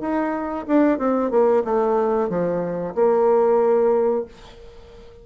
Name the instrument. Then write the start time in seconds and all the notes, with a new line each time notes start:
bassoon
0.00 D#4
0.67 D4
0.98 C4
1.30 A#3
1.64 A3
2.29 F3
2.95 A#3